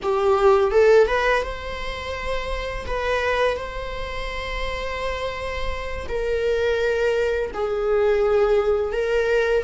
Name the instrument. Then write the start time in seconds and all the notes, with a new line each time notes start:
viola
0.02 G4
0.71 A4
1.07 B4
1.43 C5
2.86 B4
3.56 C5
6.08 A#4
7.53 G#4
8.92 A#4